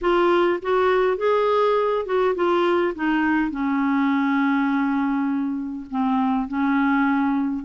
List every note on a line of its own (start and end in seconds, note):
0.01 0.60 F4
0.61 1.17 F#4
1.17 2.05 G#4
2.05 2.34 F#4
2.35 2.94 F4
2.95 3.50 D#4
3.50 5.86 C#4
5.90 6.48 C4
6.48 7.64 C#4